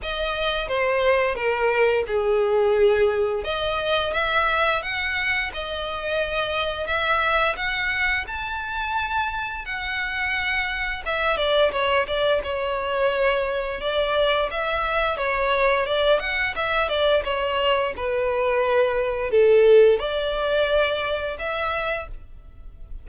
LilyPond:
\new Staff \with { instrumentName = "violin" } { \time 4/4 \tempo 4 = 87 dis''4 c''4 ais'4 gis'4~ | gis'4 dis''4 e''4 fis''4 | dis''2 e''4 fis''4 | a''2 fis''2 |
e''8 d''8 cis''8 d''8 cis''2 | d''4 e''4 cis''4 d''8 fis''8 | e''8 d''8 cis''4 b'2 | a'4 d''2 e''4 | }